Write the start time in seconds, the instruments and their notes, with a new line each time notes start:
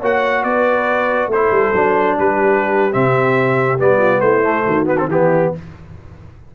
0.00 tuba A#3, trombone F#4, horn C#5, trumpet F#5
0.43 tuba B3, horn B4, trumpet D5
1.28 tuba A3, horn A4, trumpet C5
1.34 trombone E4
1.51 tuba G3
1.74 tuba F#3, trombone D4
2.18 tuba G3, horn G4, trumpet B4
2.92 tuba C3, trombone C4, trumpet E5
3.79 tuba G3, trombone B3, trumpet D5
3.97 horn F4
4.20 tuba A3, horn E4, trumpet C5
4.43 trombone A3
4.65 tuba D#3, horn F#4
4.86 trombone B3, trumpet B4
4.98 trombone C4, trumpet A4
5.07 tuba E3, trombone B3, horn E4, trumpet G4